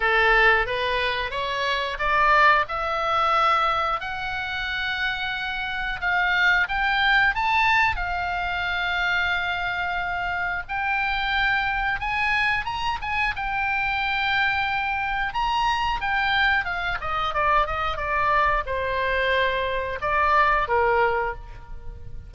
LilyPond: \new Staff \with { instrumentName = "oboe" } { \time 4/4 \tempo 4 = 90 a'4 b'4 cis''4 d''4 | e''2 fis''2~ | fis''4 f''4 g''4 a''4 | f''1 |
g''2 gis''4 ais''8 gis''8 | g''2. ais''4 | g''4 f''8 dis''8 d''8 dis''8 d''4 | c''2 d''4 ais'4 | }